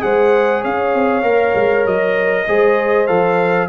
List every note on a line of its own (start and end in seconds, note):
0.00 0.64 G#3
0.00 1.22 G#4
0.00 0.61 C5
0.00 0.63 F#5
0.61 0.94 C#4
0.61 2.45 C#5
0.61 1.86 F5
0.94 1.23 C4
1.23 1.53 A#3
1.23 2.45 A#4
1.55 1.85 G#3
1.86 2.47 F#3
1.86 3.07 D#5
2.47 3.09 G#3
2.47 3.07 G#4
2.47 3.68 C5
3.07 3.68 F3
3.07 3.68 A4
3.07 3.68 F5